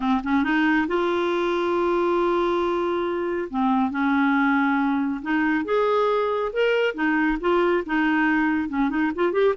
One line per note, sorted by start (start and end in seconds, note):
0.00 0.21 C4
0.23 0.43 C#4
0.43 0.87 D#4
0.87 3.48 F4
3.50 3.90 C4
3.90 5.21 C#4
5.22 5.64 D#4
5.64 6.51 G#4
6.53 6.94 A#4
6.94 7.38 D#4
7.40 7.84 F4
7.86 8.69 D#4
8.69 8.89 C#4
8.89 9.11 D#4
9.15 9.32 F4
9.32 9.54 G4